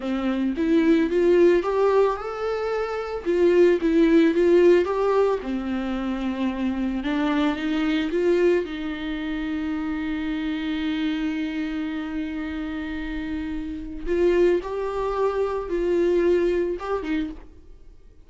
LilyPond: \new Staff \with { instrumentName = "viola" } { \time 4/4 \tempo 4 = 111 c'4 e'4 f'4 g'4 | a'2 f'4 e'4 | f'4 g'4 c'2~ | c'4 d'4 dis'4 f'4 |
dis'1~ | dis'1~ | dis'2 f'4 g'4~ | g'4 f'2 g'8 dis'8 | }